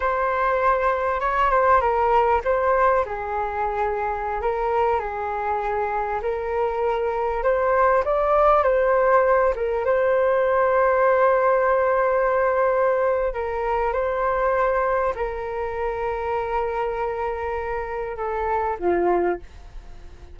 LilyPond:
\new Staff \with { instrumentName = "flute" } { \time 4/4 \tempo 4 = 99 c''2 cis''8 c''8 ais'4 | c''4 gis'2~ gis'16 ais'8.~ | ais'16 gis'2 ais'4.~ ais'16~ | ais'16 c''4 d''4 c''4. ais'16~ |
ais'16 c''2.~ c''8.~ | c''2 ais'4 c''4~ | c''4 ais'2.~ | ais'2 a'4 f'4 | }